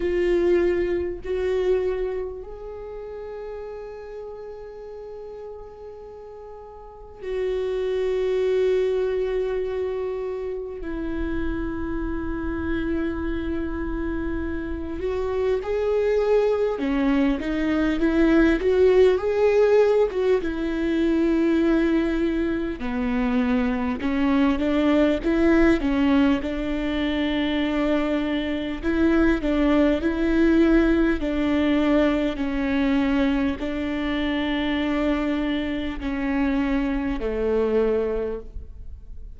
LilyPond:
\new Staff \with { instrumentName = "viola" } { \time 4/4 \tempo 4 = 50 f'4 fis'4 gis'2~ | gis'2 fis'2~ | fis'4 e'2.~ | e'8 fis'8 gis'4 cis'8 dis'8 e'8 fis'8 |
gis'8. fis'16 e'2 b4 | cis'8 d'8 e'8 cis'8 d'2 | e'8 d'8 e'4 d'4 cis'4 | d'2 cis'4 a4 | }